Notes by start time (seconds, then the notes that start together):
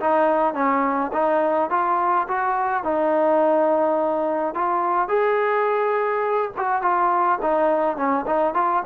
0.00 D#4
0.54 C#4
1.13 D#4
1.70 F4
2.28 F#4
2.84 D#4
4.55 F4
5.08 G#4
6.57 F#4
6.82 F4
7.42 D#4
7.97 C#4
8.27 D#4
8.54 F4